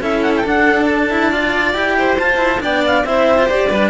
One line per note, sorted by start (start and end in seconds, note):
0.00 0.43 C#4
0.00 0.45 E4
0.00 1.30 A4
0.00 0.22 E5
0.22 0.33 F#5
0.36 0.47 G5
0.44 1.73 D4
0.44 1.10 D4
0.44 0.86 F#5
0.86 1.73 A5
1.10 1.32 E4
1.30 1.74 F4
1.30 1.95 D5
1.73 2.16 E4
1.73 2.17 G4
1.73 2.18 G5
1.98 2.62 C5
2.18 2.37 F4
2.18 2.62 F4
2.18 2.62 A5
2.37 2.58 E4
2.60 3.04 B3
2.60 3.04 D4
2.60 3.05 D5
2.60 2.84 G5
2.86 3.05 F5
3.04 3.47 C4
3.04 3.38 E4
3.04 3.69 C5
3.04 3.48 E5
3.38 3.46 F4
3.46 3.68 G4
3.46 3.70 G4
3.46 3.90 D5
3.69 3.90 G3
3.69 3.90 D4
3.69 3.90 B4